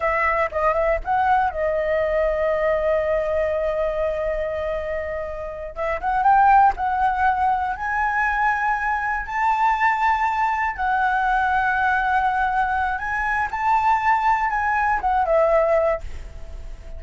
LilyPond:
\new Staff \with { instrumentName = "flute" } { \time 4/4 \tempo 4 = 120 e''4 dis''8 e''8 fis''4 dis''4~ | dis''1~ | dis''2.~ dis''8 e''8 | fis''8 g''4 fis''2 gis''8~ |
gis''2~ gis''8 a''4.~ | a''4. fis''2~ fis''8~ | fis''2 gis''4 a''4~ | a''4 gis''4 fis''8 e''4. | }